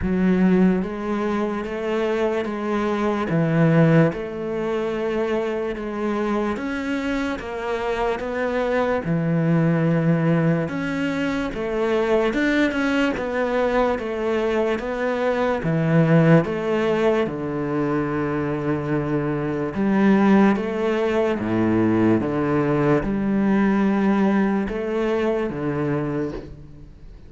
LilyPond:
\new Staff \with { instrumentName = "cello" } { \time 4/4 \tempo 4 = 73 fis4 gis4 a4 gis4 | e4 a2 gis4 | cis'4 ais4 b4 e4~ | e4 cis'4 a4 d'8 cis'8 |
b4 a4 b4 e4 | a4 d2. | g4 a4 a,4 d4 | g2 a4 d4 | }